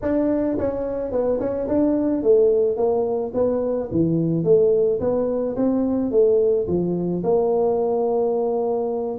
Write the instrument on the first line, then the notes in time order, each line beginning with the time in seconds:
tuba
0.02 D4
0.58 C#4
1.11 B3
1.39 C#4
1.67 D4
2.22 A3
2.76 A#3
3.34 B3
3.91 E3
4.44 A3
5.00 B3
5.56 C4
6.11 A3
6.67 F3
7.23 A#3